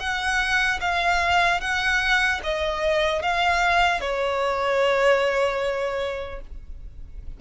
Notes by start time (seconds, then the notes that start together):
0.00 F#5
0.81 F5
1.61 F#5
2.43 D#5
3.23 F5
4.01 C#5